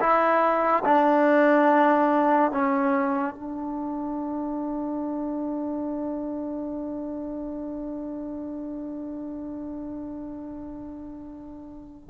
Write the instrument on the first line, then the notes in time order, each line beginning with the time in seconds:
trombone
0.00 E4
0.84 D4
2.51 C#4
3.34 D4